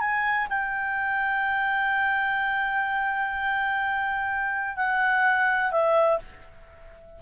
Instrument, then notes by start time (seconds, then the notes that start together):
clarinet
0.00 G#5
0.49 G5
4.76 F#5
5.71 E5